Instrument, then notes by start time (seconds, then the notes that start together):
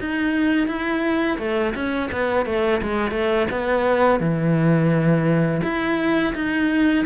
cello
0.00 D#4
0.67 E4
1.39 A3
1.75 C#4
2.12 B3
2.46 A3
2.82 G#3
3.12 A3
3.51 B3
4.20 E3
5.63 E4
6.35 D#4